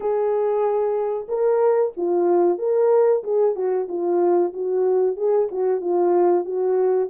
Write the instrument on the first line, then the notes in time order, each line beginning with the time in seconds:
horn
0.00 G#4
1.28 A#4
1.96 F4
2.58 A#4
3.23 G#4
3.55 F#4
3.88 F4
4.53 F#4
5.16 G#4
5.51 F#4
5.81 F4
6.44 F#4